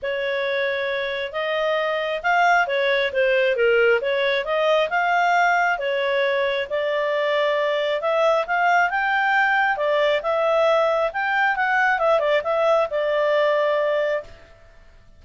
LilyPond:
\new Staff \with { instrumentName = "clarinet" } { \time 4/4 \tempo 4 = 135 cis''2. dis''4~ | dis''4 f''4 cis''4 c''4 | ais'4 cis''4 dis''4 f''4~ | f''4 cis''2 d''4~ |
d''2 e''4 f''4 | g''2 d''4 e''4~ | e''4 g''4 fis''4 e''8 d''8 | e''4 d''2. | }